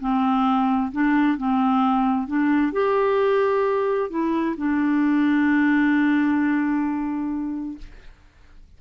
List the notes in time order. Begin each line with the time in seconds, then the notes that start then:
0.00 C4
0.92 D4
1.38 C4
2.27 D4
2.73 G4
4.10 E4
4.58 D4